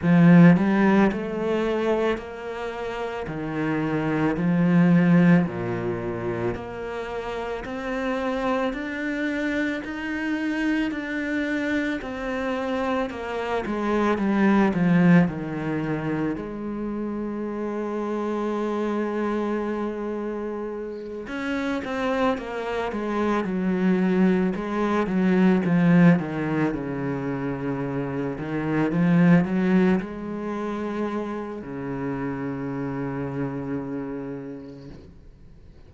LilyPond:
\new Staff \with { instrumentName = "cello" } { \time 4/4 \tempo 4 = 55 f8 g8 a4 ais4 dis4 | f4 ais,4 ais4 c'4 | d'4 dis'4 d'4 c'4 | ais8 gis8 g8 f8 dis4 gis4~ |
gis2.~ gis8 cis'8 | c'8 ais8 gis8 fis4 gis8 fis8 f8 | dis8 cis4. dis8 f8 fis8 gis8~ | gis4 cis2. | }